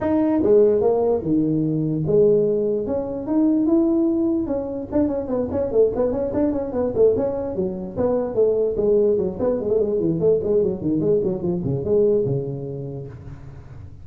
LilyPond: \new Staff \with { instrumentName = "tuba" } { \time 4/4 \tempo 4 = 147 dis'4 gis4 ais4 dis4~ | dis4 gis2 cis'4 | dis'4 e'2 cis'4 | d'8 cis'8 b8 cis'8 a8 b8 cis'8 d'8 |
cis'8 b8 a8 cis'4 fis4 b8~ | b8 a4 gis4 fis8 b8 gis16 a16 | gis8 e8 a8 gis8 fis8 dis8 gis8 fis8 | f8 cis8 gis4 cis2 | }